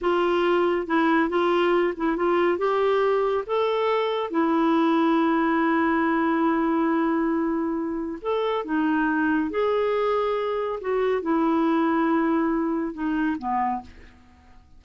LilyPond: \new Staff \with { instrumentName = "clarinet" } { \time 4/4 \tempo 4 = 139 f'2 e'4 f'4~ | f'8 e'8 f'4 g'2 | a'2 e'2~ | e'1~ |
e'2. a'4 | dis'2 gis'2~ | gis'4 fis'4 e'2~ | e'2 dis'4 b4 | }